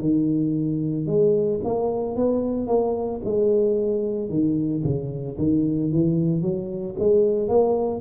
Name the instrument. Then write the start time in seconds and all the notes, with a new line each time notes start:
tuba
0.00 D#3
1.07 G#3
1.64 A#3
2.16 B3
2.67 A#3
3.25 G#3
4.30 D#3
4.84 C#3
5.38 D#3
5.92 E3
6.42 F#3
6.99 G#3
7.49 A#3